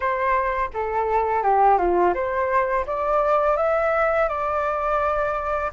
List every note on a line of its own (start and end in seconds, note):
0.00 0.70 C5
0.73 1.43 A4
1.43 1.78 G4
1.78 2.13 F4
2.14 2.85 C5
2.86 3.56 D5
3.56 4.28 E5
4.28 5.71 D5